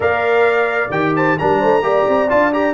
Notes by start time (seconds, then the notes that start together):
0.00 A#3 A#4 D5 F5
0.90 D#3 G4 G5
1.15 C5 A5
1.38 G3 D4 A#4 A#5
1.59 A3 C5
1.81 A#3 G4 D5
2.08 C4
2.29 D4 F4 A5
2.52 G4 A#5